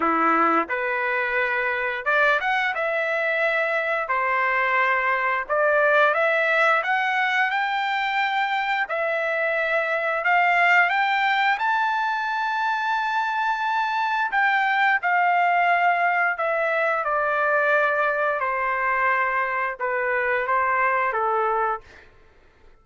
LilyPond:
\new Staff \with { instrumentName = "trumpet" } { \time 4/4 \tempo 4 = 88 e'4 b'2 d''8 fis''8 | e''2 c''2 | d''4 e''4 fis''4 g''4~ | g''4 e''2 f''4 |
g''4 a''2.~ | a''4 g''4 f''2 | e''4 d''2 c''4~ | c''4 b'4 c''4 a'4 | }